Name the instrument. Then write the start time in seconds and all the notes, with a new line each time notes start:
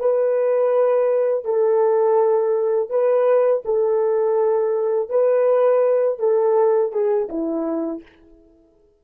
horn
0.00 B4
1.45 A4
2.90 B4
3.66 A4
5.10 B4
6.20 A4
6.92 G#4
7.29 E4